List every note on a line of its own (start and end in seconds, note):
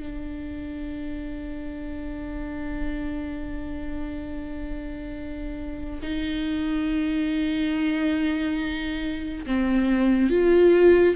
0.00 6.00 D4
6.03 9.46 D#4
9.47 10.30 C4
10.30 11.16 F4